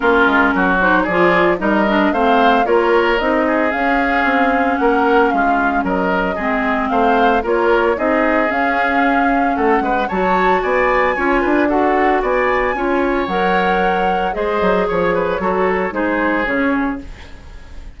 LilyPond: <<
  \new Staff \with { instrumentName = "flute" } { \time 4/4 \tempo 4 = 113 ais'4. c''8 d''4 dis''4 | f''4 cis''4 dis''4 f''4~ | f''4 fis''4 f''4 dis''4~ | dis''4 f''4 cis''4 dis''4 |
f''2 fis''4 a''4 | gis''2 fis''4 gis''4~ | gis''4 fis''2 dis''4 | cis''2 c''4 cis''4 | }
  \new Staff \with { instrumentName = "oboe" } { \time 4/4 f'4 fis'4 gis'4 ais'4 | c''4 ais'4. gis'4.~ | gis'4 ais'4 f'4 ais'4 | gis'4 c''4 ais'4 gis'4~ |
gis'2 a'8 b'8 cis''4 | d''4 cis''8 b'8 a'4 d''4 | cis''2. c''4 | cis''8 b'8 a'4 gis'2 | }
  \new Staff \with { instrumentName = "clarinet" } { \time 4/4 cis'4. dis'8 f'4 dis'8 d'8 | c'4 f'4 dis'4 cis'4~ | cis'1 | c'2 f'4 dis'4 |
cis'2. fis'4~ | fis'4 f'4 fis'2 | f'4 ais'2 gis'4~ | gis'4 fis'4 dis'4 cis'4 | }
  \new Staff \with { instrumentName = "bassoon" } { \time 4/4 ais8 gis8 fis4 f4 g4 | a4 ais4 c'4 cis'4 | c'4 ais4 gis4 fis4 | gis4 a4 ais4 c'4 |
cis'2 a8 gis8 fis4 | b4 cis'8 d'4. b4 | cis'4 fis2 gis8 fis8 | f4 fis4 gis4 cis4 | }
>>